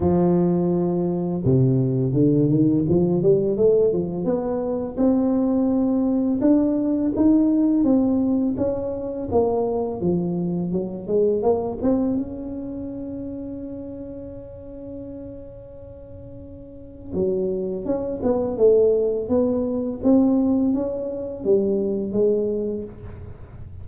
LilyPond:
\new Staff \with { instrumentName = "tuba" } { \time 4/4 \tempo 4 = 84 f2 c4 d8 dis8 | f8 g8 a8 f8 b4 c'4~ | c'4 d'4 dis'4 c'4 | cis'4 ais4 f4 fis8 gis8 |
ais8 c'8 cis'2.~ | cis'1 | fis4 cis'8 b8 a4 b4 | c'4 cis'4 g4 gis4 | }